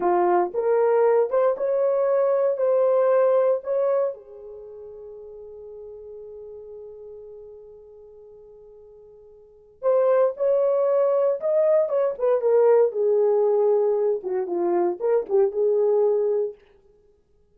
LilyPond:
\new Staff \with { instrumentName = "horn" } { \time 4/4 \tempo 4 = 116 f'4 ais'4. c''8 cis''4~ | cis''4 c''2 cis''4 | gis'1~ | gis'1~ |
gis'2. c''4 | cis''2 dis''4 cis''8 b'8 | ais'4 gis'2~ gis'8 fis'8 | f'4 ais'8 g'8 gis'2 | }